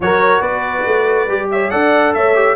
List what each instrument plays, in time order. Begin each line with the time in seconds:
0.00 tuba F#3, trombone F#4, horn A#4, trumpet C#5
0.40 tuba B3, horn B4, trumpet D5
0.86 tuba A3
1.27 tuba G3, trombone G4
1.51 horn C#5, trumpet E5
1.70 tuba D4, trombone A4, horn D5, trumpet F#5
2.14 tuba A3, horn C#5, trumpet E5
2.34 trombone G4